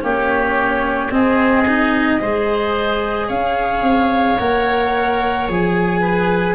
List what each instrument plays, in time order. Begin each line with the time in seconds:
0.00 tuba A#3, cello C#4, oboe G4, flute C#5
1.10 cello C4, tuba C4, oboe G#4, flute D#5
1.67 cello D#4
2.19 tuba G#3, cello G#4, oboe C5
3.27 tuba C#4, oboe C#5, flute F5
3.82 tuba C4
4.38 tuba A#3, cello A#4, flute F#5
5.48 tuba F3, cello G#4, flute G#5
6.00 oboe B4